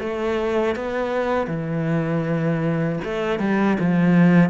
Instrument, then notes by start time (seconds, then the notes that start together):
cello
0.00 A3
0.76 B3
1.48 E3
3.05 A3
3.40 G3
3.80 F3